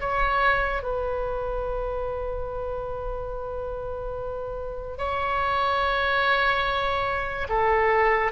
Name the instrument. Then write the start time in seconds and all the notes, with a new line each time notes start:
oboe
0.00 C#5
0.82 B4
4.97 C#5
7.49 A4